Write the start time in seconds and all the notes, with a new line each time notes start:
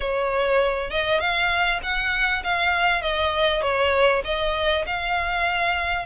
0.00 C#5
0.90 D#5
1.20 F5
1.82 F#5
2.43 F5
3.01 D#5
3.61 C#5
4.24 D#5
4.86 F5